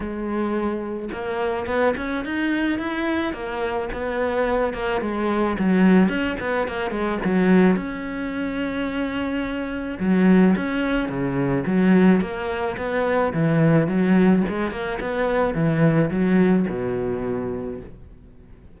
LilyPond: \new Staff \with { instrumentName = "cello" } { \time 4/4 \tempo 4 = 108 gis2 ais4 b8 cis'8 | dis'4 e'4 ais4 b4~ | b8 ais8 gis4 fis4 cis'8 b8 | ais8 gis8 fis4 cis'2~ |
cis'2 fis4 cis'4 | cis4 fis4 ais4 b4 | e4 fis4 gis8 ais8 b4 | e4 fis4 b,2 | }